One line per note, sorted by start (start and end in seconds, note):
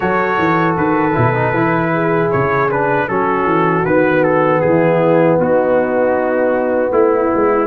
0.00 0.38 F#3
0.00 1.11 F#4
0.00 1.92 A4
0.00 0.75 C#5
0.38 0.77 E3
0.77 1.15 D#3
0.77 2.31 B4
1.14 1.53 B2
1.14 1.33 E4
1.34 1.53 D#4
1.53 2.29 E3
1.53 2.69 E4
1.92 3.08 G#4
2.31 3.08 C#3
2.31 2.69 C#5
2.70 3.08 D4
2.70 3.08 B4
3.08 3.45 F#3
3.08 3.85 C#4
3.08 4.61 F#4
3.08 3.85 A4
3.45 3.83 E3
3.85 4.62 D#3
3.85 7.67 B3
3.85 4.23 B4
4.23 4.60 A4
4.60 5.39 E3
4.60 5.37 E4
4.60 5.37 G#4
5.37 6.91 B3
5.37 6.91 D#4
5.37 6.92 F#4
6.91 7.30 A3
6.91 7.67 E4
7.35 7.67 G#3